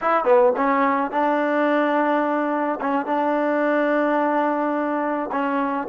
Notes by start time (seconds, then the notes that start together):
0.01 E4
0.24 B3
0.56 C#4
1.11 D4
2.80 C#4
3.06 D4
5.31 C#4